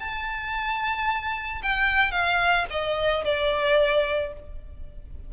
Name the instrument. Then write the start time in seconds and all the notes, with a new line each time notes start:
violin
0.00 A5
1.62 G5
2.12 F5
2.70 D#5
3.25 D5